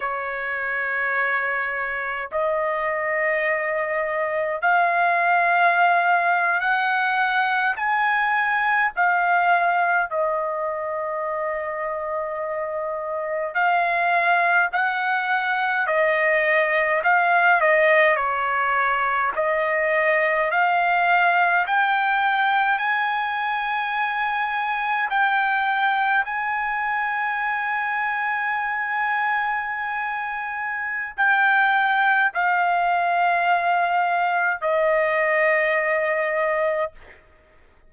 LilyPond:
\new Staff \with { instrumentName = "trumpet" } { \time 4/4 \tempo 4 = 52 cis''2 dis''2 | f''4.~ f''16 fis''4 gis''4 f''16~ | f''8. dis''2. f''16~ | f''8. fis''4 dis''4 f''8 dis''8 cis''16~ |
cis''8. dis''4 f''4 g''4 gis''16~ | gis''4.~ gis''16 g''4 gis''4~ gis''16~ | gis''2. g''4 | f''2 dis''2 | }